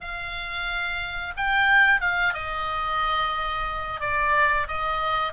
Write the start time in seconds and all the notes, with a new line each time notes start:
0.00 F5
1.37 G5
2.00 F5
2.33 D#5
4.00 D5
4.67 D#5